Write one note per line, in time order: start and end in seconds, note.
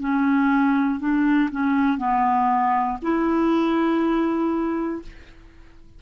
0.00 1.00 C#4
1.00 1.50 D4
1.51 1.98 C#4
1.98 2.98 B3
3.02 5.02 E4